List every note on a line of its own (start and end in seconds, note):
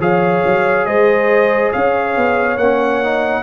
0.00 0.43 F3
0.00 2.57 G#4
0.00 0.86 C#5
0.00 0.86 F5
0.45 0.86 F#3
0.86 1.72 G#3
0.86 1.72 C5
0.86 1.71 D#5
1.72 2.16 C#4
1.72 3.43 C#5
1.72 2.58 F5
2.16 2.57 B3
2.57 3.42 A#3
2.57 3.03 C#4
2.57 3.43 F#5
3.03 3.43 D#4